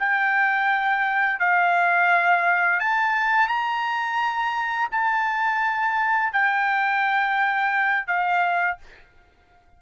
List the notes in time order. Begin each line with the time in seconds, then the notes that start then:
0.00 G5
1.40 F5
2.80 A5
3.48 A#5
4.92 A5
6.33 G5
8.07 F5